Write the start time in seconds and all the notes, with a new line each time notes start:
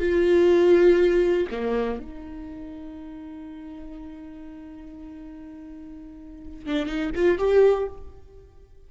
0.00 F4
1.52 A#3
2.00 D#4
6.66 D4
6.87 D#4
7.16 F4
7.39 G4